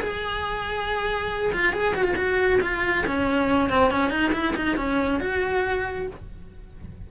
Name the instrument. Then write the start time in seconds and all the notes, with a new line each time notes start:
cello
0.00 G#4
1.52 F4
1.72 G#4
1.94 F#4
2.03 F4
2.16 F#4
2.61 F4
3.06 C#4
3.69 C4
3.90 C#4
4.10 D#4
4.32 E4
4.56 D#4
4.76 C#4
5.20 F#4